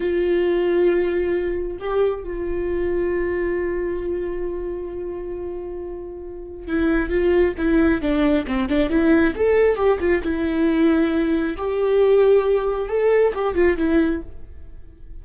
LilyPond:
\new Staff \with { instrumentName = "viola" } { \time 4/4 \tempo 4 = 135 f'1 | g'4 f'2.~ | f'1~ | f'2. e'4 |
f'4 e'4 d'4 c'8 d'8 | e'4 a'4 g'8 f'8 e'4~ | e'2 g'2~ | g'4 a'4 g'8 f'8 e'4 | }